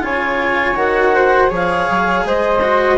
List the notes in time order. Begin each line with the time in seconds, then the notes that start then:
0.00 C#3 F4 C#5 G#5
0.74 D#3 F#4 F#5
1.14 C5
1.48 F3 G#4 C#5
1.55 F5
1.89 F#3
2.25 G#3 C5 D#5
2.61 F#4